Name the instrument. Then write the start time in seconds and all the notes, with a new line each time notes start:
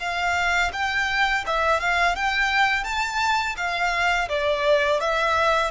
violin
0.00 F5
0.73 G5
1.47 E5
1.81 F5
2.16 G5
2.84 A5
3.57 F5
4.29 D5
5.01 E5